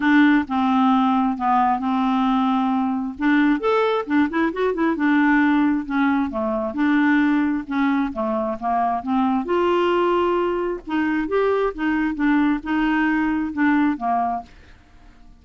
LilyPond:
\new Staff \with { instrumentName = "clarinet" } { \time 4/4 \tempo 4 = 133 d'4 c'2 b4 | c'2. d'4 | a'4 d'8 e'8 fis'8 e'8 d'4~ | d'4 cis'4 a4 d'4~ |
d'4 cis'4 a4 ais4 | c'4 f'2. | dis'4 g'4 dis'4 d'4 | dis'2 d'4 ais4 | }